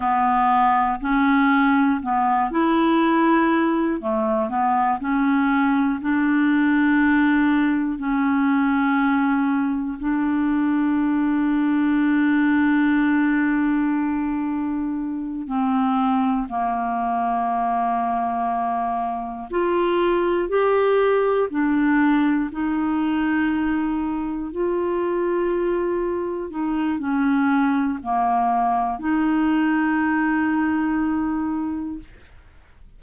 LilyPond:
\new Staff \with { instrumentName = "clarinet" } { \time 4/4 \tempo 4 = 60 b4 cis'4 b8 e'4. | a8 b8 cis'4 d'2 | cis'2 d'2~ | d'2.~ d'8 c'8~ |
c'8 ais2. f'8~ | f'8 g'4 d'4 dis'4.~ | dis'8 f'2 dis'8 cis'4 | ais4 dis'2. | }